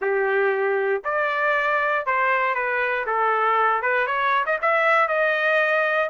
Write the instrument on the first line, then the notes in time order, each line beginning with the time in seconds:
trumpet
0.01 G4
1.04 D5
2.05 C5
2.54 B4
3.06 A4
3.82 B4
4.07 C#5
4.46 D#5
4.61 E5
5.08 D#5